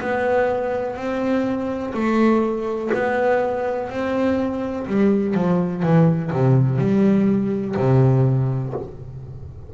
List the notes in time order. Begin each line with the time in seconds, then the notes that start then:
0.00 B3
0.96 C4
1.93 A3
2.94 B3
3.89 C4
4.86 G3
5.34 F3
5.82 E3
6.31 C3
6.78 G3
7.76 C3